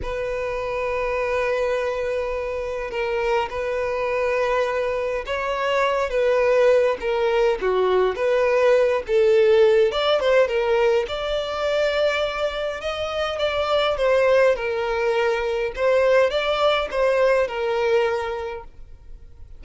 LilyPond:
\new Staff \with { instrumentName = "violin" } { \time 4/4 \tempo 4 = 103 b'1~ | b'4 ais'4 b'2~ | b'4 cis''4. b'4. | ais'4 fis'4 b'4. a'8~ |
a'4 d''8 c''8 ais'4 d''4~ | d''2 dis''4 d''4 | c''4 ais'2 c''4 | d''4 c''4 ais'2 | }